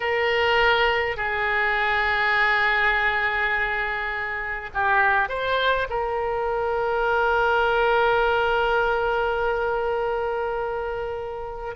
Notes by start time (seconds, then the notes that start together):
0.00 A#4
1.17 G#4
4.74 G4
5.29 C5
5.89 A#4